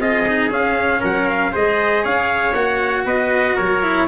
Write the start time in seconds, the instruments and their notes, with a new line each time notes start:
0.00 tuba C4, cello F4, trumpet G#4 D#5
0.28 cello D#4
0.50 tuba C#4, cello C#4, trumpet F5
1.00 tuba F#3, trumpet A#4 F#5
1.30 trumpet F5
1.52 tuba G#3, cello G#4, trumpet C5 D#5
2.03 tuba C#4, trumpet C#5 F5
2.54 tuba A#3, cello F#4, trumpet F#5
3.05 tuba B3, trumpet B4 D#5
3.56 tuba F#3, trumpet A#4 C#5
3.83 cello E4